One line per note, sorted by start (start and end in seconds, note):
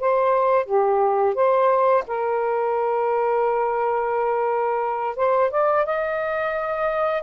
0.00 0.66 C5
0.66 1.34 G4
1.35 2.04 C5
2.07 5.16 A#4
5.16 5.50 C5
5.51 5.85 D5
5.86 7.23 D#5